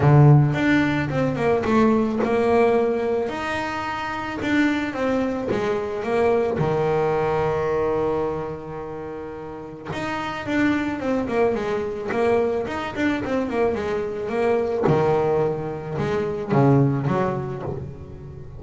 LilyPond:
\new Staff \with { instrumentName = "double bass" } { \time 4/4 \tempo 4 = 109 d4 d'4 c'8 ais8 a4 | ais2 dis'2 | d'4 c'4 gis4 ais4 | dis1~ |
dis2 dis'4 d'4 | c'8 ais8 gis4 ais4 dis'8 d'8 | c'8 ais8 gis4 ais4 dis4~ | dis4 gis4 cis4 fis4 | }